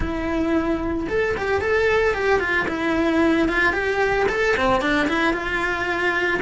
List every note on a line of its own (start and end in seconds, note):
0.00 1.07 E4
1.08 1.35 A4
1.36 1.61 G4
1.61 2.14 A4
2.14 2.39 G4
2.39 2.66 F4
2.68 3.48 E4
3.48 3.72 F4
3.72 4.26 G4
4.29 4.55 A4
4.57 4.81 C4
4.81 5.07 D4
5.08 5.33 E4
5.33 6.40 F4